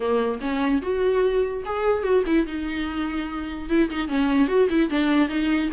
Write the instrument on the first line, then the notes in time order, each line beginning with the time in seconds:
viola
0.00 A#3
0.41 C#4
0.81 F#4
1.65 G#4
2.03 F#4
2.26 E4
2.46 D#4
3.69 E4
3.89 D#4
4.08 C#4
4.47 F#4
4.69 E4
4.90 D4
5.28 D#4